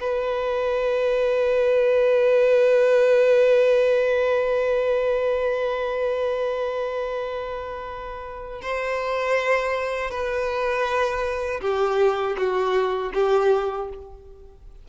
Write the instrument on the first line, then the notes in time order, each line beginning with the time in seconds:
violin
0.00 B4
8.61 C5
10.10 B4
11.61 G4
12.37 F#4
13.14 G4